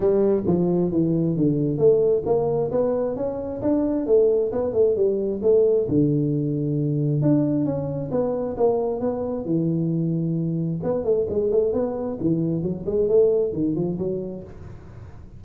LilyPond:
\new Staff \with { instrumentName = "tuba" } { \time 4/4 \tempo 4 = 133 g4 f4 e4 d4 | a4 ais4 b4 cis'4 | d'4 a4 b8 a8 g4 | a4 d2. |
d'4 cis'4 b4 ais4 | b4 e2. | b8 a8 gis8 a8 b4 e4 | fis8 gis8 a4 dis8 f8 fis4 | }